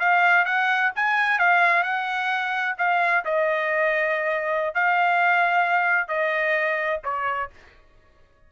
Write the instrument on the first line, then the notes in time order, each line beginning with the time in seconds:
trumpet
0.00 F5
0.46 F#5
0.96 G#5
1.39 F5
1.84 F#5
2.79 F5
3.25 D#5
4.75 F5
6.08 D#5
7.04 C#5